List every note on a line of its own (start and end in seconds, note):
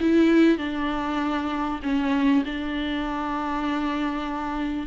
0.00 0.58 E4
0.58 1.80 D4
1.83 2.44 C#4
2.45 4.87 D4